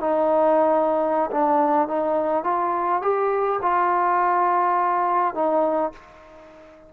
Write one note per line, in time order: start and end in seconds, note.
0.00 1.30 D#4
1.31 1.88 D4
1.88 2.44 D#4
2.44 3.01 F4
3.02 3.59 G4
3.62 5.34 F4
5.34 5.92 D#4